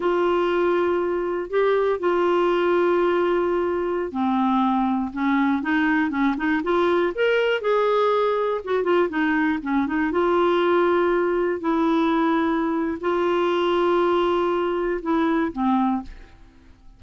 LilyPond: \new Staff \with { instrumentName = "clarinet" } { \time 4/4 \tempo 4 = 120 f'2. g'4 | f'1~ | f'16 c'2 cis'4 dis'8.~ | dis'16 cis'8 dis'8 f'4 ais'4 gis'8.~ |
gis'4~ gis'16 fis'8 f'8 dis'4 cis'8 dis'16~ | dis'16 f'2. e'8.~ | e'2 f'2~ | f'2 e'4 c'4 | }